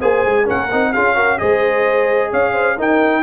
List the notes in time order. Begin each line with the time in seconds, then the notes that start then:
0.00 A#3 G#4 C5 G#5
0.26 G#3
0.46 A#3 C#4 A#4 F#5
0.72 C4 D#4
0.93 C#4 F4 G#4 F5
1.16 F#4 A#4
1.39 G#3 G#4 C5 D#5
2.31 C#4 C#5 F5
2.53 C5
2.77 D#4 A#4 G5